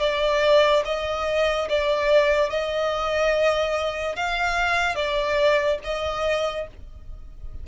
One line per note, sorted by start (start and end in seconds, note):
0.00 0.83 D5
0.85 1.69 D#5
1.69 2.50 D5
2.50 4.16 D#5
4.16 4.95 F5
4.95 5.79 D5
5.84 6.67 D#5